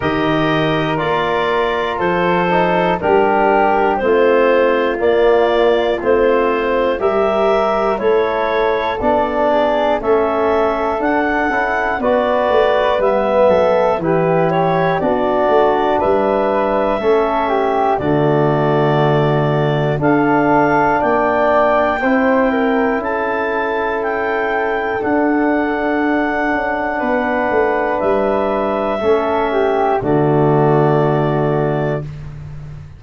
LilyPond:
<<
  \new Staff \with { instrumentName = "clarinet" } { \time 4/4 \tempo 4 = 60 dis''4 d''4 c''4 ais'4 | c''4 d''4 c''4 e''4 | cis''4 d''4 e''4 fis''4 | d''4 e''4 b'8 cis''8 d''4 |
e''2 d''2 | f''4 g''2 a''4 | g''4 fis''2. | e''2 d''2 | }
  \new Staff \with { instrumentName = "flute" } { \time 4/4 ais'2 a'4 g'4 | f'2. ais'4 | a'4. gis'8 a'2 | b'4. a'8 g'4 fis'4 |
b'4 a'8 g'8 fis'2 | a'4 d''4 c''8 ais'8 a'4~ | a'2. b'4~ | b'4 a'8 g'8 fis'2 | }
  \new Staff \with { instrumentName = "trombone" } { \time 4/4 g'4 f'4. dis'8 d'4 | c'4 ais4 c'4 g'4 | e'4 d'4 cis'4 d'8 e'8 | fis'4 b4 e'4 d'4~ |
d'4 cis'4 a2 | d'2 e'2~ | e'4 d'2.~ | d'4 cis'4 a2 | }
  \new Staff \with { instrumentName = "tuba" } { \time 4/4 dis4 ais4 f4 g4 | a4 ais4 a4 g4 | a4 b4 a4 d'8 cis'8 | b8 a8 g8 fis8 e4 b8 a8 |
g4 a4 d2 | d'4 ais4 c'4 cis'4~ | cis'4 d'4. cis'8 b8 a8 | g4 a4 d2 | }
>>